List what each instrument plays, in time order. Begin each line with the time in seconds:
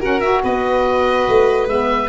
0.00 saxophone C#4, tuba F#4, violin A#4, oboe F#5
0.21 saxophone F#4, oboe E5
0.43 tuba B3, violin B4, oboe D#5
1.28 tuba A3
1.68 tuba G#3, saxophone B3, oboe E5